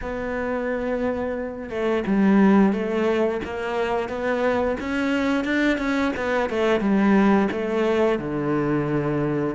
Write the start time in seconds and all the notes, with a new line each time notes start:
0.01 B3
1.69 A3
2.06 G3
2.72 A3
3.44 A#3
4.08 B3
4.79 C#4
5.44 D4
5.78 C#4
6.16 B3
6.49 A3
6.80 G3
7.51 A3
8.18 D3